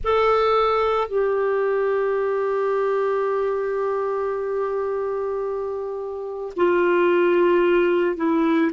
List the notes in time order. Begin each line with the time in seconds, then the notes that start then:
0.03 A4
1.08 G4
6.56 F4
8.16 E4